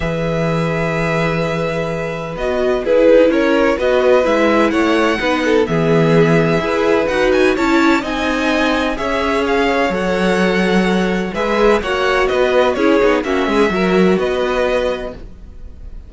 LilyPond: <<
  \new Staff \with { instrumentName = "violin" } { \time 4/4 \tempo 4 = 127 e''1~ | e''4 dis''4 b'4 cis''4 | dis''4 e''4 fis''2 | e''2. fis''8 gis''8 |
a''4 gis''2 e''4 | f''4 fis''2. | e''4 fis''4 dis''4 cis''4 | e''2 dis''2 | }
  \new Staff \with { instrumentName = "violin" } { \time 4/4 b'1~ | b'2 gis'4 ais'4 | b'2 cis''4 b'8 a'8 | gis'2 b'2 |
cis''4 dis''2 cis''4~ | cis''1 | b'4 cis''4 b'4 gis'4 | fis'8 gis'8 ais'4 b'2 | }
  \new Staff \with { instrumentName = "viola" } { \time 4/4 gis'1~ | gis'4 fis'4 e'2 | fis'4 e'2 dis'4 | b2 gis'4 fis'4 |
e'4 dis'2 gis'4~ | gis'4 a'2. | gis'4 fis'2 e'8 dis'8 | cis'4 fis'2. | }
  \new Staff \with { instrumentName = "cello" } { \time 4/4 e1~ | e4 b4 e'8 dis'8 cis'4 | b4 gis4 a4 b4 | e2 e'4 dis'4 |
cis'4 c'2 cis'4~ | cis'4 fis2. | gis4 ais4 b4 cis'8 b8 | ais8 gis8 fis4 b2 | }
>>